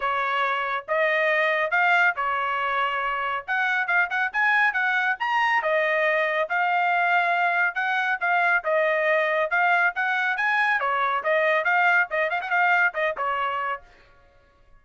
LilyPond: \new Staff \with { instrumentName = "trumpet" } { \time 4/4 \tempo 4 = 139 cis''2 dis''2 | f''4 cis''2. | fis''4 f''8 fis''8 gis''4 fis''4 | ais''4 dis''2 f''4~ |
f''2 fis''4 f''4 | dis''2 f''4 fis''4 | gis''4 cis''4 dis''4 f''4 | dis''8 f''16 fis''16 f''4 dis''8 cis''4. | }